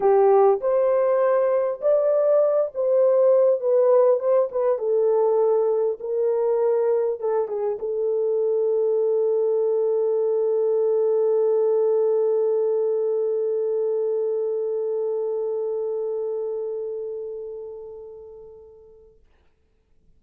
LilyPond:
\new Staff \with { instrumentName = "horn" } { \time 4/4 \tempo 4 = 100 g'4 c''2 d''4~ | d''8 c''4. b'4 c''8 b'8 | a'2 ais'2 | a'8 gis'8 a'2.~ |
a'1~ | a'1~ | a'1~ | a'1 | }